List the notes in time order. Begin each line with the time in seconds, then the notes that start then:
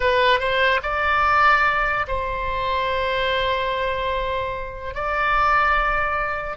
0.00 B4
0.39 C5
0.83 D5
2.07 C5
4.94 D5